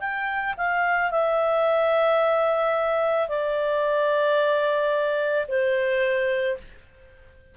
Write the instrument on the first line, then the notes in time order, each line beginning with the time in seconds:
clarinet
0.00 G5
0.58 F5
1.11 E5
3.28 D5
5.48 C5